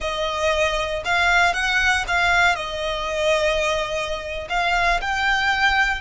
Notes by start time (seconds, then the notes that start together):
0.00 D#5
1.04 F5
1.53 F#5
2.07 F5
2.55 D#5
4.49 F5
5.01 G5